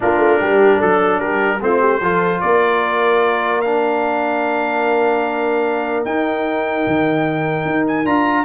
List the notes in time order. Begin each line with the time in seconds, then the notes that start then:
0.00 A#3 D4 F4 A#4
0.18 A3
0.39 G3 G4
0.78 F#3 A4
1.19 G3 G4 A#4
1.61 A3 C4 F4 C5
1.80 G4
2.01 F3 F4 A4
2.40 A#3 A#4 D5
3.61 D4 F5
6.04 D#4 G5
6.87 D#3
7.65 D#4
7.87 G#5
8.05 D4 F4 A#5